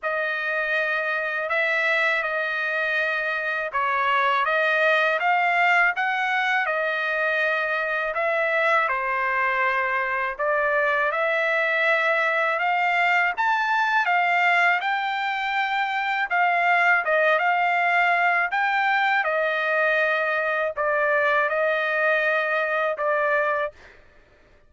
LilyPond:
\new Staff \with { instrumentName = "trumpet" } { \time 4/4 \tempo 4 = 81 dis''2 e''4 dis''4~ | dis''4 cis''4 dis''4 f''4 | fis''4 dis''2 e''4 | c''2 d''4 e''4~ |
e''4 f''4 a''4 f''4 | g''2 f''4 dis''8 f''8~ | f''4 g''4 dis''2 | d''4 dis''2 d''4 | }